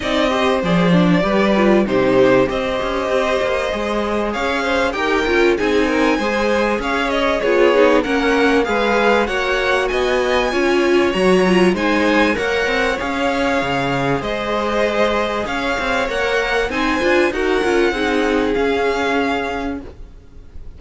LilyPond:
<<
  \new Staff \with { instrumentName = "violin" } { \time 4/4 \tempo 4 = 97 dis''4 d''2 c''4 | dis''2. f''4 | g''4 gis''2 f''8 dis''8 | cis''4 fis''4 f''4 fis''4 |
gis''2 ais''4 gis''4 | fis''4 f''2 dis''4~ | dis''4 f''4 fis''4 gis''4 | fis''2 f''2 | }
  \new Staff \with { instrumentName = "violin" } { \time 4/4 d''8 c''4. b'4 g'4 | c''2. cis''8 c''8 | ais'4 gis'8 ais'8 c''4 cis''4 | gis'4 ais'4 b'4 cis''4 |
dis''4 cis''2 c''4 | cis''2. c''4~ | c''4 cis''2 c''4 | ais'4 gis'2. | }
  \new Staff \with { instrumentName = "viola" } { \time 4/4 dis'8 g'8 gis'8 d'8 g'8 f'8 dis'4 | g'2 gis'2 | g'8 f'8 dis'4 gis'2 | f'8 dis'8 cis'4 gis'4 fis'4~ |
fis'4 f'4 fis'8 f'8 dis'4 | ais'4 gis'2.~ | gis'2 ais'4 dis'8 f'8 | fis'8 f'8 dis'4 cis'2 | }
  \new Staff \with { instrumentName = "cello" } { \time 4/4 c'4 f4 g4 c4 | c'8 cis'8 c'8 ais8 gis4 cis'4 | dis'8 cis'8 c'4 gis4 cis'4 | b4 ais4 gis4 ais4 |
b4 cis'4 fis4 gis4 | ais8 c'8 cis'4 cis4 gis4~ | gis4 cis'8 c'8 ais4 c'8 d'8 | dis'8 cis'8 c'4 cis'2 | }
>>